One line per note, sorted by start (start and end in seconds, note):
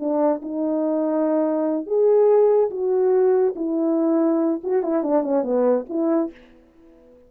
0.00 0.42 D4
0.43 1.87 D#4
1.87 2.71 G#4
2.71 3.55 F#4
3.56 4.61 E4
4.64 4.83 F#4
4.83 5.04 E4
5.04 5.24 D4
5.24 5.44 C#4
5.44 5.86 B3
5.90 6.32 E4